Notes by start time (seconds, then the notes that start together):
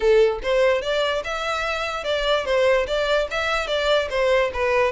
0.00 A4
0.42 C5
0.81 D5
1.24 E5
2.04 D5
2.45 C5
2.86 D5
3.31 E5
3.67 D5
4.09 C5
4.53 B4